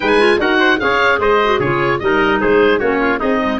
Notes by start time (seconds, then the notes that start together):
0.00 G#3 D#4 B4 G#5
0.19 F4
0.38 D#4 F#4 A#4 F#5
0.59 C5
0.78 C#4 G#4 C#5 F5
1.18 G#3 C5 D#5
1.44 F#4
1.59 C#3 F4 G#4 C#5
1.99 G3 D#4 A#4 D#5
2.40 G#3 G#4 C5
2.79 A#3 C#4 F#4 C#5
3.00 F4
3.18 C4 D#4 G#4 D#5
3.41 G#3